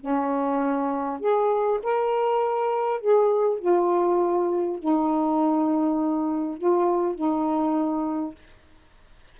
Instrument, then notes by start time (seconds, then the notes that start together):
saxophone
0.00 C#4
1.19 G#4
1.83 A#4
3.00 G#4
3.59 F4
4.79 D#4
6.58 F4
7.15 D#4